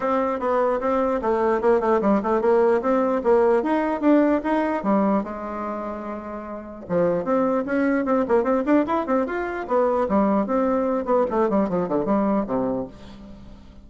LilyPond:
\new Staff \with { instrumentName = "bassoon" } { \time 4/4 \tempo 4 = 149 c'4 b4 c'4 a4 | ais8 a8 g8 a8 ais4 c'4 | ais4 dis'4 d'4 dis'4 | g4 gis2.~ |
gis4 f4 c'4 cis'4 | c'8 ais8 c'8 d'8 e'8 c'8 f'4 | b4 g4 c'4. b8 | a8 g8 f8 d8 g4 c4 | }